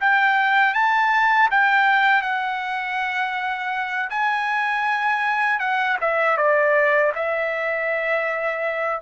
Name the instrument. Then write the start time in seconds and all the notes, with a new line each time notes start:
trumpet
0.00 G5
0.74 A5
1.50 G5
2.22 F#5
4.10 G#5
5.59 F#5
6.01 E5
6.37 D5
7.15 E5